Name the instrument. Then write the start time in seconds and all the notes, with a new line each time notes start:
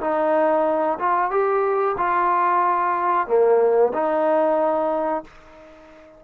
trombone
0.00 D#4
0.99 F4
1.30 G4
1.97 F4
3.27 A#3
3.93 D#4